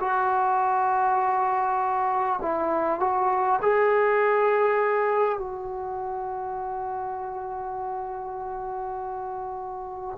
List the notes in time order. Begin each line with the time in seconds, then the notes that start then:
0.00 F#4
2.42 E4
3.00 F#4
3.62 G#4
5.38 F#4